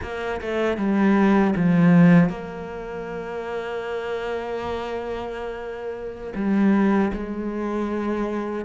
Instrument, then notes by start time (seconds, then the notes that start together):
cello
0.02 A#3
0.41 A3
0.77 G3
1.56 F3
2.29 A#3
6.35 G3
7.13 G#3